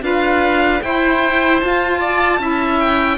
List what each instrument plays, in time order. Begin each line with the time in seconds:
0.00 cello D4, saxophone F4, oboe B4, violin F5
0.81 saxophone E4, cello E4, oboe C5, violin G5
1.60 saxophone F4, cello F4, violin A5
1.99 oboe D5
2.38 cello C#4, saxophone E4, oboe E5
2.79 violin G5